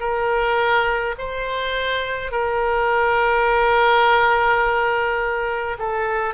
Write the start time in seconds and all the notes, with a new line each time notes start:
0.00 A#4
1.19 C5
2.32 A#4
5.79 A4